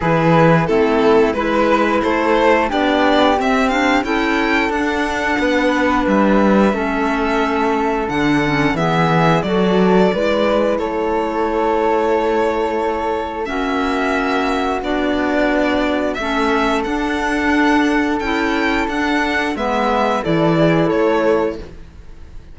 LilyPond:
<<
  \new Staff \with { instrumentName = "violin" } { \time 4/4 \tempo 4 = 89 b'4 a'4 b'4 c''4 | d''4 e''8 f''8 g''4 fis''4~ | fis''4 e''2. | fis''4 e''4 d''2 |
cis''1 | e''2 d''2 | e''4 fis''2 g''4 | fis''4 e''4 d''4 cis''4 | }
  \new Staff \with { instrumentName = "flute" } { \time 4/4 gis'4 e'4 b'4 a'4 | g'2 a'2 | b'2 a'2~ | a'4 gis'4 a'4 b'4 |
a'1 | fis'1 | a'1~ | a'4 b'4 a'8 gis'8 a'4 | }
  \new Staff \with { instrumentName = "clarinet" } { \time 4/4 e'4 c'4 e'2 | d'4 c'8 d'8 e'4 d'4~ | d'2 cis'2 | d'8 cis'8 b4 fis'4 e'4~ |
e'1 | cis'2 d'2 | cis'4 d'2 e'4 | d'4 b4 e'2 | }
  \new Staff \with { instrumentName = "cello" } { \time 4/4 e4 a4 gis4 a4 | b4 c'4 cis'4 d'4 | b4 g4 a2 | d4 e4 fis4 gis4 |
a1 | ais2 b2 | a4 d'2 cis'4 | d'4 gis4 e4 a4 | }
>>